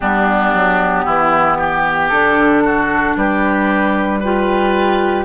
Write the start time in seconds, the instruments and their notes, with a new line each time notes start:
0.00 bassoon G3, clarinet B3, oboe D4, flute G4
0.53 bassoon F#3
1.05 bassoon E3, oboe E4
1.58 oboe G4
2.09 bassoon D3, clarinet D4, flute A4
2.64 oboe F#4
3.16 bassoon G3, oboe G4, flute B4
4.19 clarinet F4, flute G4, oboe B4